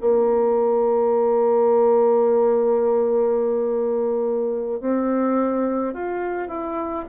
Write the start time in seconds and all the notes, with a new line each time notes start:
0.00 A#3
4.80 C4
5.93 F4
6.48 E4